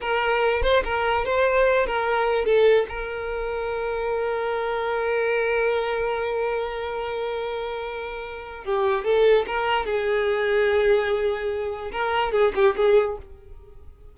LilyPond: \new Staff \with { instrumentName = "violin" } { \time 4/4 \tempo 4 = 146 ais'4. c''8 ais'4 c''4~ | c''8 ais'4. a'4 ais'4~ | ais'1~ | ais'1~ |
ais'1~ | ais'4 g'4 a'4 ais'4 | gis'1~ | gis'4 ais'4 gis'8 g'8 gis'4 | }